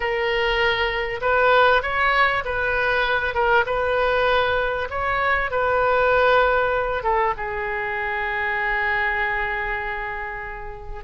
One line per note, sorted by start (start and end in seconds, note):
0.00 1.20 A#4
1.21 1.82 B4
1.82 2.43 C#5
2.44 3.34 B4
3.34 3.65 A#4
3.66 4.88 B4
4.90 5.50 C#5
5.50 7.03 B4
7.03 7.33 A4
7.37 11.04 G#4